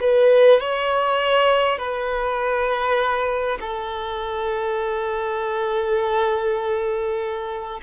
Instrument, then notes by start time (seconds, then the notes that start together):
violin
0.00 B4
0.60 C#5
1.78 B4
3.60 A4